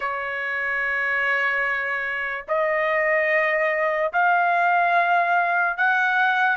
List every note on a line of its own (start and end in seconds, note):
0.00 2.44 C#5
2.48 4.12 D#5
4.12 5.77 F5
5.77 6.56 F#5